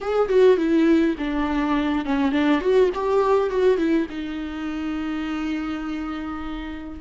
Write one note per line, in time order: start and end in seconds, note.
0.01 0.28 G#4
0.28 0.57 F#4
0.57 1.15 E4
1.18 2.05 D4
2.05 2.31 C#4
2.31 2.60 D4
2.60 2.89 F#4
2.94 3.50 G4
3.50 3.77 F#4
3.77 4.06 E4
4.09 7.00 D#4